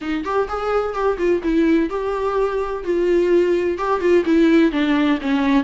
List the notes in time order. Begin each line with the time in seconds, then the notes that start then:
0.01 D#4
0.24 G4
0.48 G#4
0.93 G4
1.18 F4
1.43 E4
1.89 G4
2.84 F4
3.78 G4
4.00 F4
4.25 E4
4.71 D4
5.21 C#4